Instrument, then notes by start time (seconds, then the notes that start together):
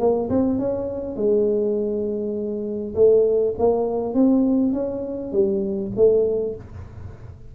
tuba
0.00 A#3
0.30 C4
0.59 C#4
1.16 G#3
2.95 A3
3.59 A#3
4.14 C4
4.73 C#4
5.33 G3
5.96 A3